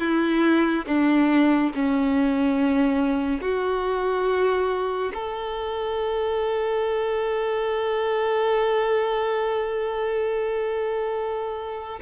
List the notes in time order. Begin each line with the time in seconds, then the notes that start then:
0.00 E4
0.87 D4
1.75 C#4
3.42 F#4
5.14 A4